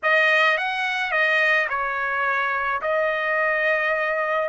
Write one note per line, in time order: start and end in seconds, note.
0.03 0.57 D#5
0.57 1.11 F#5
1.11 1.67 D#5
1.69 2.81 C#5
2.81 4.49 D#5